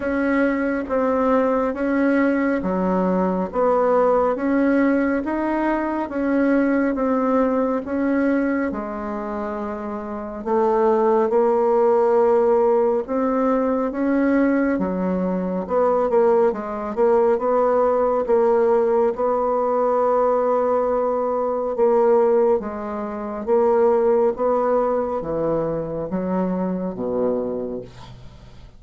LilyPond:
\new Staff \with { instrumentName = "bassoon" } { \time 4/4 \tempo 4 = 69 cis'4 c'4 cis'4 fis4 | b4 cis'4 dis'4 cis'4 | c'4 cis'4 gis2 | a4 ais2 c'4 |
cis'4 fis4 b8 ais8 gis8 ais8 | b4 ais4 b2~ | b4 ais4 gis4 ais4 | b4 e4 fis4 b,4 | }